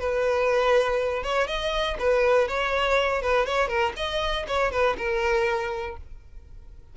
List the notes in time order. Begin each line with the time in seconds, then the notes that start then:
0.00 B4
1.24 C#5
1.48 D#5
2.00 B4
2.49 C#5
3.23 B4
3.46 C#5
3.69 A#4
3.97 D#5
4.48 C#5
4.72 B4
4.98 A#4